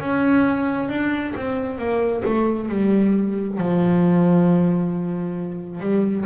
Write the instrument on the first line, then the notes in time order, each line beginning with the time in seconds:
double bass
0.00 C#4
0.89 D4
1.36 C4
1.78 A#3
2.25 A3
2.69 G3
3.58 F3
5.80 G3